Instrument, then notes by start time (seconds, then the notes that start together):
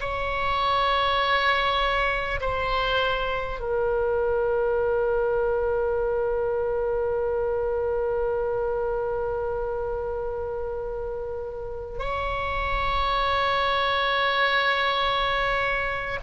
oboe
0.00 C#5
2.40 C5
3.59 A#4
11.98 C#5